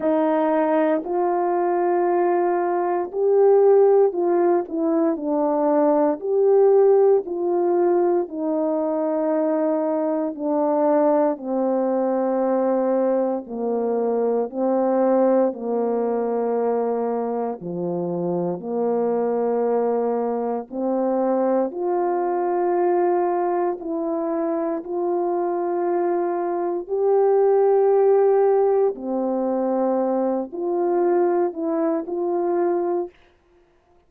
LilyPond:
\new Staff \with { instrumentName = "horn" } { \time 4/4 \tempo 4 = 58 dis'4 f'2 g'4 | f'8 e'8 d'4 g'4 f'4 | dis'2 d'4 c'4~ | c'4 ais4 c'4 ais4~ |
ais4 f4 ais2 | c'4 f'2 e'4 | f'2 g'2 | c'4. f'4 e'8 f'4 | }